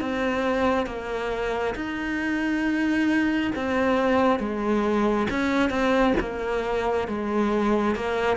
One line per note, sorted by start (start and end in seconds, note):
0.00 0.86 C4
0.86 1.74 A#3
1.74 3.51 D#4
3.55 4.39 C4
4.39 5.27 G#3
5.30 5.70 C#4
5.70 6.14 C4
6.20 7.07 A#3
7.07 7.95 G#3
7.95 8.37 A#3